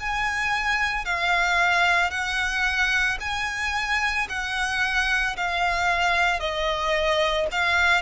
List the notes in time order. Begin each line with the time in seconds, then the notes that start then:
0.00 G#5
1.05 F5
2.11 F#5
3.20 G#5
4.30 F#5
5.37 F5
6.40 D#5
7.51 F5